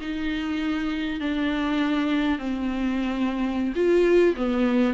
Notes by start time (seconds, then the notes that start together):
0.00 D#4
1.20 D4
2.38 C4
3.75 F4
4.36 B3